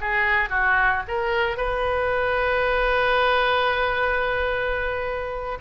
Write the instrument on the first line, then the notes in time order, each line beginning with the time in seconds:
oboe
0.00 G#4
0.49 F#4
1.07 A#4
1.56 B4